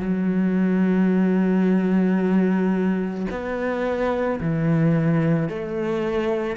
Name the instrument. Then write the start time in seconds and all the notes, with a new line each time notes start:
cello
0.00 F#3
3.31 B3
4.41 E3
5.49 A3